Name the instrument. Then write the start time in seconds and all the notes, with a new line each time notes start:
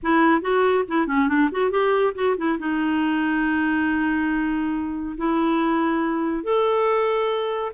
clarinet
0.02 E4
0.41 F#4
0.87 E4
1.07 C#4
1.28 D4
1.51 F#4
1.70 G4
2.14 F#4
2.37 E4
2.58 D#4
5.17 E4
6.43 A4